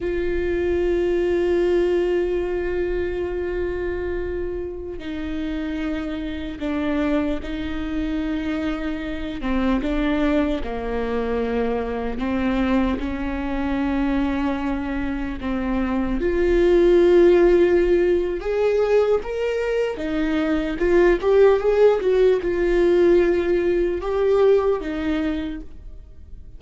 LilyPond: \new Staff \with { instrumentName = "viola" } { \time 4/4 \tempo 4 = 75 f'1~ | f'2~ f'16 dis'4.~ dis'16~ | dis'16 d'4 dis'2~ dis'8 c'16~ | c'16 d'4 ais2 c'8.~ |
c'16 cis'2. c'8.~ | c'16 f'2~ f'8. gis'4 | ais'4 dis'4 f'8 g'8 gis'8 fis'8 | f'2 g'4 dis'4 | }